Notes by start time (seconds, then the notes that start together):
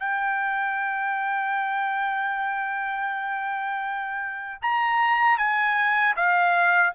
0.00 G5
4.62 A#5
5.38 G#5
6.16 F5